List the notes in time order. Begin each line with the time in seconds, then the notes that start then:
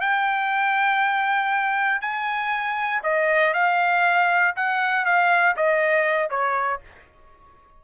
0.00 G5
2.01 G#5
3.03 D#5
3.54 F5
4.56 F#5
5.05 F5
5.56 D#5
6.30 C#5